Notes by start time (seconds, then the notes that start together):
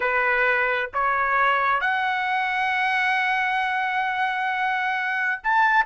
0.00 B4
0.93 C#5
1.80 F#5
5.43 A5